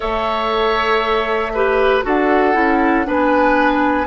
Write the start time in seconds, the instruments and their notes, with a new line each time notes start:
0.00 bassoon A3, clarinet A4, oboe C#5, flute E5
1.54 clarinet G4, oboe B4
2.03 bassoon D4, clarinet F#4, oboe A4, flute F#5
2.53 bassoon C#4, clarinet E4
3.04 bassoon B3, clarinet D4, oboe B4, flute G#5